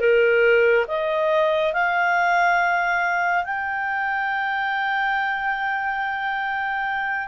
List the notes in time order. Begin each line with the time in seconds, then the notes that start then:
0.00 A#4
0.88 D#5
1.73 F5
3.45 G5